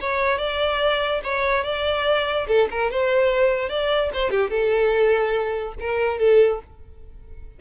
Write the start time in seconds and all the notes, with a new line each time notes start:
0.00 C#5
0.38 D5
1.23 C#5
1.64 D5
2.47 A4
2.70 A#4
2.90 C5
3.69 D5
4.13 C5
4.30 G4
4.50 A4
5.79 A#4
6.18 A4